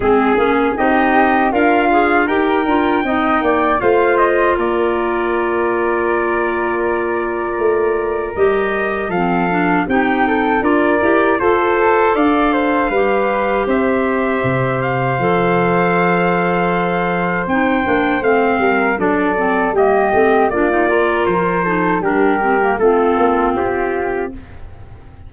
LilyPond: <<
  \new Staff \with { instrumentName = "trumpet" } { \time 4/4 \tempo 4 = 79 gis'4 dis''4 f''4 g''4~ | g''4 f''8 dis''8 d''2~ | d''2. dis''4 | f''4 g''4 d''4 c''4 |
f''2 e''4. f''8~ | f''2. g''4 | f''4 d''4 dis''4 d''4 | c''4 ais'4 a'4 g'4 | }
  \new Staff \with { instrumentName = "flute" } { \time 4/4 gis'4 g'4 f'4 ais'4 | dis''8 d''8 c''4 ais'2~ | ais'1 | a'4 g'8 a'8 ais'4 a'4 |
d''8 c''8 b'4 c''2~ | c''1~ | c''8 ais'8 a'4 g'4 f'8 ais'8~ | ais'8 a'8 g'4 f'2 | }
  \new Staff \with { instrumentName = "clarinet" } { \time 4/4 c'8 cis'8 dis'4 ais'8 gis'8 g'8 f'8 | dis'4 f'2.~ | f'2. g'4 | c'8 d'8 dis'4 f'8 g'8 a'4~ |
a'4 g'2. | a'2. dis'8 d'8 | c'4 d'8 c'8 ais8 c'8 d'16 dis'16 f'8~ | f'8 dis'8 d'8 c'16 ais16 c'2 | }
  \new Staff \with { instrumentName = "tuba" } { \time 4/4 gis8 ais8 c'4 d'4 dis'8 d'8 | c'8 ais8 a4 ais2~ | ais2 a4 g4 | f4 c'4 d'8 e'8 f'4 |
d'4 g4 c'4 c4 | f2. c'8 ais8 | a8 g8 fis4 g8 a8 ais4 | f4 g4 a8 ais8 c'4 | }
>>